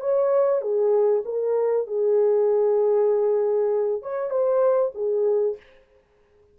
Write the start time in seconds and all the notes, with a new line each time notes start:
0.00 C#5
0.61 G#4
1.25 A#4
1.87 G#4
4.02 C#5
4.30 C5
4.95 G#4